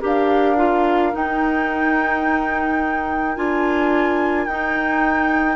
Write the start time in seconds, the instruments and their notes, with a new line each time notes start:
0.00 bassoon D4, clarinet G4, oboe A#4, flute F5
0.56 clarinet F4
1.12 clarinet D#4, bassoon D#4, flute G5
3.35 bassoon D4, clarinet F4, flute G#5
4.46 bassoon D#4, clarinet D#4, flute G5